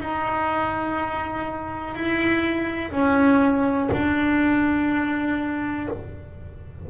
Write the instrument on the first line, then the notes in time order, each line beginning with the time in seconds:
double bass
0.00 D#4
1.94 E4
2.91 C#4
3.92 D4